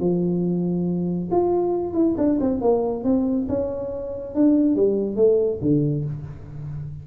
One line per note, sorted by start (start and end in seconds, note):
0.00 1.29 F3
1.31 1.94 F4
1.94 2.15 E4
2.18 2.39 D4
2.41 2.61 C4
2.61 3.04 A#3
3.04 3.47 C4
3.49 4.35 C#4
4.35 4.76 D4
4.76 5.16 G3
5.16 5.60 A3
5.62 6.05 D3